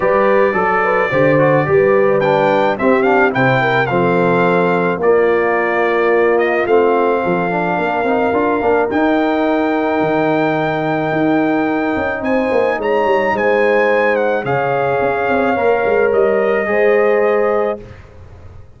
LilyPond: <<
  \new Staff \with { instrumentName = "trumpet" } { \time 4/4 \tempo 4 = 108 d''1 | g''4 e''8 f''8 g''4 f''4~ | f''4 d''2~ d''8 dis''8 | f''1 |
g''1~ | g''2 gis''4 ais''4 | gis''4. fis''8 f''2~ | f''4 dis''2. | }
  \new Staff \with { instrumentName = "horn" } { \time 4/4 b'4 a'8 b'8 c''4 b'4~ | b'4 g'4 c''8 ais'8 a'4~ | a'4 f'2.~ | f'4 a'4 ais'2~ |
ais'1~ | ais'2 c''4 cis''4 | c''2 cis''2~ | cis''2 c''2 | }
  \new Staff \with { instrumentName = "trombone" } { \time 4/4 g'4 a'4 g'8 fis'8 g'4 | d'4 c'8 d'8 e'4 c'4~ | c'4 ais2. | c'4. d'4 dis'8 f'8 d'8 |
dis'1~ | dis'1~ | dis'2 gis'2 | ais'2 gis'2 | }
  \new Staff \with { instrumentName = "tuba" } { \time 4/4 g4 fis4 d4 g4~ | g4 c'4 c4 f4~ | f4 ais2. | a4 f4 ais8 c'8 d'8 ais8 |
dis'2 dis2 | dis'4. cis'8 c'8 ais8 gis8 g8 | gis2 cis4 cis'8 c'8 | ais8 gis8 g4 gis2 | }
>>